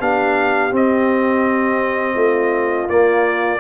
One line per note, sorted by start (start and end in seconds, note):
0.00 0.72 B3
0.00 0.72 D4
0.00 2.15 G4
0.00 0.74 F5
0.72 2.89 C4
0.72 2.16 C4
0.72 2.90 D#5
2.15 2.88 A3
2.15 3.59 F4
2.90 3.60 A#3
2.90 3.60 D5